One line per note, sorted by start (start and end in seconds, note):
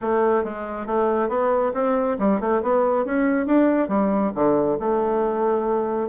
0.01 0.44 A3
0.44 0.86 G#3
0.86 1.28 A3
1.28 1.72 B3
1.74 2.17 C4
2.18 2.40 G3
2.40 2.62 A3
2.62 3.05 B3
3.05 3.46 C#4
3.46 3.88 D4
3.88 4.31 G3
4.34 4.78 D3
4.79 6.08 A3